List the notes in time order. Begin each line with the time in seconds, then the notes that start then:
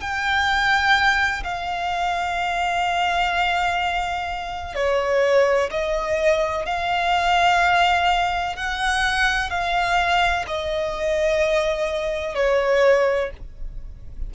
0.00 G5
1.43 F5
4.74 C#5
5.71 D#5
6.65 F5
8.55 F#5
9.50 F5
10.47 D#5
12.35 C#5